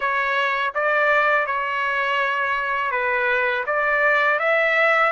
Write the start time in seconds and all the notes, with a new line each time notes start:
0.00 C#5
0.74 D5
1.46 C#5
2.91 B4
3.66 D5
4.39 E5